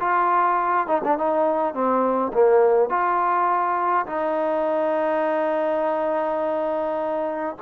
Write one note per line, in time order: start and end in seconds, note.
0.00 0.87 F4
0.87 1.02 D#4
1.04 1.18 D4
1.18 1.74 D#4
1.74 2.32 C4
2.34 2.90 A#3
2.90 4.06 F4
4.06 7.56 D#4